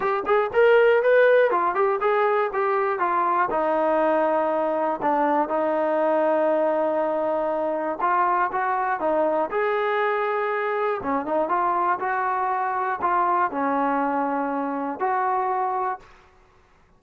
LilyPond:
\new Staff \with { instrumentName = "trombone" } { \time 4/4 \tempo 4 = 120 g'8 gis'8 ais'4 b'4 f'8 g'8 | gis'4 g'4 f'4 dis'4~ | dis'2 d'4 dis'4~ | dis'1 |
f'4 fis'4 dis'4 gis'4~ | gis'2 cis'8 dis'8 f'4 | fis'2 f'4 cis'4~ | cis'2 fis'2 | }